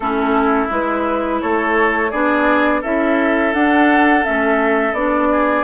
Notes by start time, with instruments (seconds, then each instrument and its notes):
0.00 bassoon A3, clarinet C#4, oboe E4, flute A4
0.69 bassoon G#3, clarinet E4, flute B4
1.41 bassoon A3, oboe A4, flute C#5
2.11 bassoon B3, clarinet D4, oboe G#4, flute D5
2.81 bassoon C#4, clarinet E4, oboe A4, flute E5
3.53 bassoon D4, clarinet D4, flute F#5
4.22 bassoon A3, clarinet C#4, flute E5
4.92 bassoon B3, clarinet D4, flute D5
5.31 oboe G#4